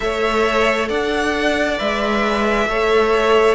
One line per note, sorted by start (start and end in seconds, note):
0.00 0.89 A3
0.00 1.77 A4
0.00 0.88 C#5
0.00 0.88 E5
0.88 1.79 D4
0.88 2.68 D5
0.88 1.79 F#5
1.77 2.67 G#3
1.77 2.67 B4
1.77 3.54 E5
2.67 3.54 A3
2.67 3.54 A4
2.67 3.54 C#5